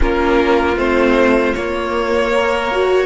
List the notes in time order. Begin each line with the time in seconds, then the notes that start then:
0.00 A#3 C#4 F4 A#4
0.76 A3 C4 C5
1.54 A#3 C#5
2.31 A#4
2.71 F#4